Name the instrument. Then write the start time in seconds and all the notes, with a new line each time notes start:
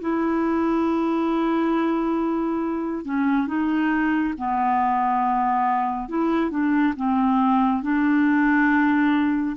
clarinet
0.00 E4
3.04 C#4
3.47 D#4
4.37 B3
6.08 E4
6.50 D4
6.96 C4
7.82 D4